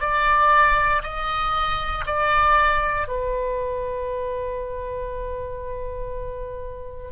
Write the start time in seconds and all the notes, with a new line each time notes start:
0.00 D5
1.03 D#5
2.06 D5
3.08 B4